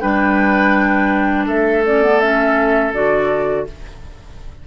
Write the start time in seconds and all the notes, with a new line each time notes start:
0.00 G3 D4 B4 G5
1.47 A3 A4 E5
1.86 C#4 D5
2.03 B3
2.21 C#4 E5
2.93 D3 F#4 D5